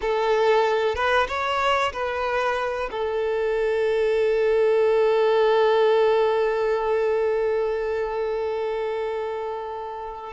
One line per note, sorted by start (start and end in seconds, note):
0.01 0.95 A4
0.95 1.27 B4
1.28 1.92 C#5
1.92 2.89 B4
2.91 10.33 A4